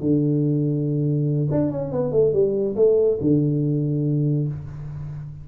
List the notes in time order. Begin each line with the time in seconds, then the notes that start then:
0.00 D3
1.51 D4
1.71 C#4
1.92 B3
2.12 A3
2.33 G3
2.76 A3
3.21 D3